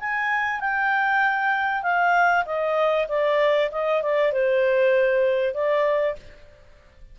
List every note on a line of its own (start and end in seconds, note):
0.00 0.60 G#5
0.60 1.83 G5
1.83 2.45 F5
2.45 3.07 D#5
3.08 3.70 D5
3.71 4.02 D#5
4.02 4.32 D5
4.32 5.54 C5
5.54 6.16 D5